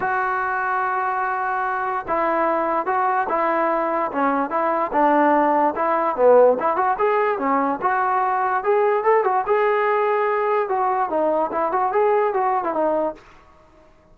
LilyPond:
\new Staff \with { instrumentName = "trombone" } { \time 4/4 \tempo 4 = 146 fis'1~ | fis'4 e'2 fis'4 | e'2 cis'4 e'4 | d'2 e'4 b4 |
e'8 fis'8 gis'4 cis'4 fis'4~ | fis'4 gis'4 a'8 fis'8 gis'4~ | gis'2 fis'4 dis'4 | e'8 fis'8 gis'4 fis'8. e'16 dis'4 | }